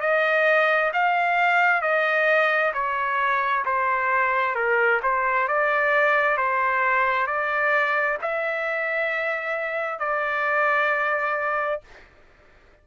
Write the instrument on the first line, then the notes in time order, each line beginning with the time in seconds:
trumpet
0.00 D#5
0.93 F5
1.81 D#5
2.73 C#5
3.65 C5
4.55 A#4
5.02 C5
5.48 D5
6.37 C5
7.26 D5
8.21 E5
9.99 D5